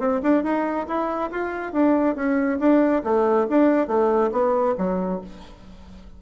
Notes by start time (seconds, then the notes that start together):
0.00 C4
0.23 D4
0.44 D#4
0.88 E4
1.32 F4
1.73 D4
2.16 C#4
2.60 D4
3.04 A3
3.50 D4
3.88 A3
4.32 B3
4.78 F#3